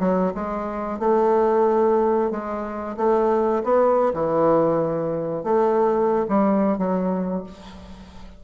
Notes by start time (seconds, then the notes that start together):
0.00 F#3
0.35 G#3
1.00 A3
2.31 G#3
2.97 A3
3.64 B3
4.14 E3
5.44 A3
6.29 G3
6.78 F#3